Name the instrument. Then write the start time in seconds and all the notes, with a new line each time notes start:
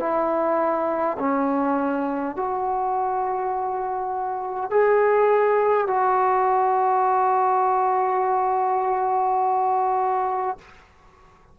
trombone
0.00 E4
1.19 C#4
2.36 F#4
4.71 G#4
5.88 F#4